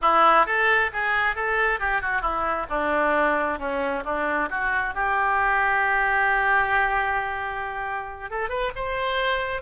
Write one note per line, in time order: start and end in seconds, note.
0.01 0.46 E4
0.46 0.90 A4
0.92 1.35 G#4
1.35 1.79 A4
1.79 2.01 G4
2.01 2.21 F#4
2.21 2.66 E4
2.69 3.58 D4
3.58 4.03 C#4
4.04 4.49 D4
4.49 4.94 F#4
4.94 8.30 G4
8.30 8.49 A4
8.49 8.71 B4
8.75 9.61 C5